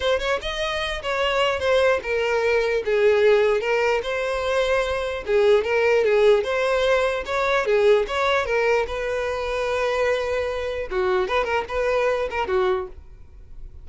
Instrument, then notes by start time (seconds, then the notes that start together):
violin
0.00 C5
0.19 C#5
0.41 D#5
1.02 C#5
1.59 C5
2.02 A#4
2.85 G#4
3.60 A#4
4.03 C5
5.26 G#4
5.64 A#4
6.04 G#4
6.43 C5
7.25 C#5
7.65 G#4
8.07 C#5
8.45 A#4
8.87 B4
10.91 F#4
11.28 B4
11.44 A#4
11.68 B4
12.30 A#4
12.47 F#4